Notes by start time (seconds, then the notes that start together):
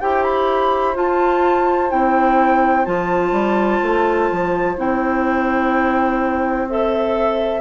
0.00 E4 G4 C5 G5
0.23 B5
0.94 F4 A5
1.89 C4 E4 G5
2.85 F3 F4 A5
3.32 G3
3.83 A3
4.31 F3
4.77 C4 E4 G5
6.69 A4 E5